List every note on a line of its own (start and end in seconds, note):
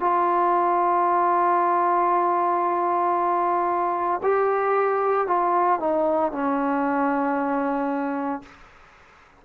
0.00 4.21 F4
4.23 5.27 G4
5.27 5.80 F4
5.80 6.33 D#4
6.33 8.43 C#4